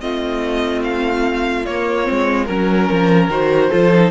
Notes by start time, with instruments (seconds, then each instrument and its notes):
0.00 cello A3, viola C4, violin F4 D#5
0.84 violin F5
1.66 cello A#3, viola A#3, violin C#5
2.04 cello G#3, viola C4
2.45 cello F#3, viola C#4, violin A#4
2.91 cello F3
3.28 cello D#3, viola F#4, violin C5
3.70 cello F3, viola F4, violin A4
3.94 viola D#4